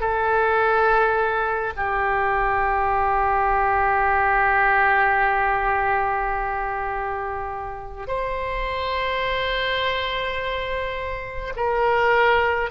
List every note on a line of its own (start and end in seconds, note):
0.00 1.73 A4
1.76 8.07 G4
8.07 11.53 C5
11.56 12.70 A#4